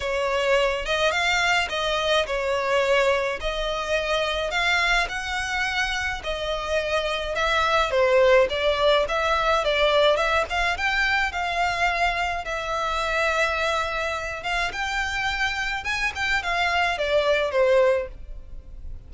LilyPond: \new Staff \with { instrumentName = "violin" } { \time 4/4 \tempo 4 = 106 cis''4. dis''8 f''4 dis''4 | cis''2 dis''2 | f''4 fis''2 dis''4~ | dis''4 e''4 c''4 d''4 |
e''4 d''4 e''8 f''8 g''4 | f''2 e''2~ | e''4. f''8 g''2 | gis''8 g''8 f''4 d''4 c''4 | }